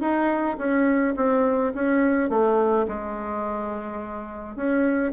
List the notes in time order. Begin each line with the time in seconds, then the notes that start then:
0.00 D#4
0.58 C#4
1.16 C4
1.74 C#4
2.29 A3
2.88 G#3
4.56 C#4